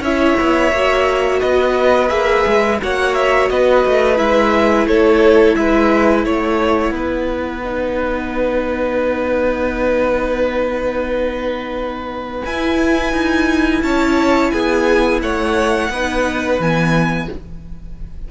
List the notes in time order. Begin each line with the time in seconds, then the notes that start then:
0.00 C#4 E4 C#5 E5
0.40 B3
0.72 A#3 F#4
1.40 B3 B4 D#5
2.09 A#3 G#4 E5
2.47 G#3
2.81 A#3 F#4 C#5 F#5
3.14 E5
3.50 B3 B4 D#5
3.86 A3
4.16 G#3 E4 E5
4.86 A3 A4 C#5
5.55 G#3 B4 E5
6.25 A3 C#5 F#5
6.91 B3 B4
7.64 D#4
12.46 E4 G#5
13.13 D#4
13.82 C#4 C#5 A5
14.51 B3 G#4 G#5
15.22 A3 C#5 F#5
15.89 B3 D#4 B4
16.59 E3 B3 G#5